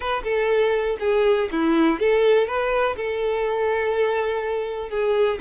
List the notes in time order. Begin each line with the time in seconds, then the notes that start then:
0.00 B4
0.23 A4
0.99 G#4
1.51 E4
1.99 A4
2.47 B4
2.96 A4
4.89 G#4